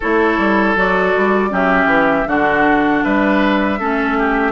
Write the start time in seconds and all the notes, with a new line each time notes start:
0.00 A3 E4 A4 C#5
0.38 G3
0.76 F#3 F#4 D5
1.16 G3
1.50 F#3 C#4 G4 E5
1.85 E3
2.26 D3 D4 F#4 F#5
3.03 G3 B4 E5
3.79 A3 C#4 A4
4.18 G4